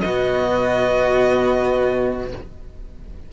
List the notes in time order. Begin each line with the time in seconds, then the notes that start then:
0.00 B2 B3 F#4 D#5